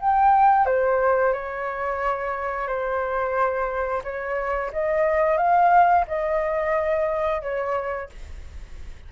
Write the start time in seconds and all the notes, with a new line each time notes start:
0.00 G5
0.66 C5
1.33 C#5
2.68 C5
4.04 C#5
4.73 D#5
5.37 F5
6.08 D#5
7.42 C#5